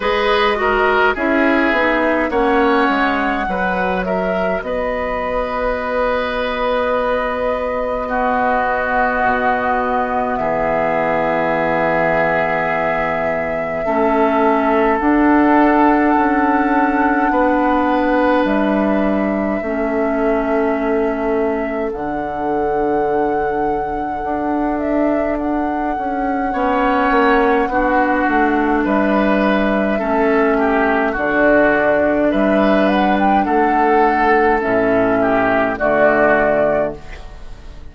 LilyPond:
<<
  \new Staff \with { instrumentName = "flute" } { \time 4/4 \tempo 4 = 52 dis''4 e''4 fis''4. e''8 | dis''1~ | dis''4 e''2.~ | e''4 fis''2. |
e''2. fis''4~ | fis''4. e''8 fis''2~ | fis''4 e''2 d''4 | e''8 fis''16 g''16 fis''4 e''4 d''4 | }
  \new Staff \with { instrumentName = "oboe" } { \time 4/4 b'8 ais'8 gis'4 cis''4 b'8 ais'8 | b'2. fis'4~ | fis'4 gis'2. | a'2. b'4~ |
b'4 a'2.~ | a'2. cis''4 | fis'4 b'4 a'8 g'8 fis'4 | b'4 a'4. g'8 fis'4 | }
  \new Staff \with { instrumentName = "clarinet" } { \time 4/4 gis'8 fis'8 e'8 dis'8 cis'4 fis'4~ | fis'2. b4~ | b1 | cis'4 d'2.~ |
d'4 cis'2 d'4~ | d'2. cis'4 | d'2 cis'4 d'4~ | d'2 cis'4 a4 | }
  \new Staff \with { instrumentName = "bassoon" } { \time 4/4 gis4 cis'8 b8 ais8 gis8 fis4 | b1 | b,4 e2. | a4 d'4 cis'4 b4 |
g4 a2 d4~ | d4 d'4. cis'8 b8 ais8 | b8 a8 g4 a4 d4 | g4 a4 a,4 d4 | }
>>